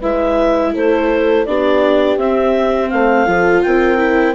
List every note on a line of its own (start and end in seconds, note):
0.00 0.75 G#3
0.00 1.47 E4
0.00 0.72 B4
0.00 0.75 E5
0.74 1.47 A3
0.74 1.46 A4
0.74 1.46 C5
1.46 2.16 B3
1.46 2.19 D4
1.46 2.92 G4
1.46 2.18 D5
2.16 2.89 C4
2.16 3.26 C4
2.16 2.90 E5
2.90 3.27 A3
2.90 3.28 C5
2.90 3.63 F5
3.26 3.63 F3
3.26 3.98 F4
3.26 3.65 A4
3.63 4.35 C4
3.63 4.35 A#4
3.63 4.35 G5
3.98 4.34 E4